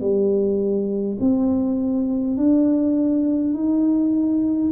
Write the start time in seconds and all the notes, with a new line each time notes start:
0.00 G3
1.20 C4
2.36 D4
3.53 D#4